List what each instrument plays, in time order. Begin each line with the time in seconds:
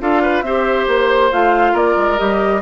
0.00 bassoon D4, clarinet F4, oboe A4, flute F5
0.22 oboe B4
0.42 bassoon C4, clarinet G4, oboe C5, flute E5
0.87 bassoon A#3, flute C5
1.31 bassoon A3, clarinet F4, flute F5
1.73 bassoon A#3, oboe A#4, flute D5
1.97 bassoon G#3
2.17 bassoon G3, clarinet G4, flute D#5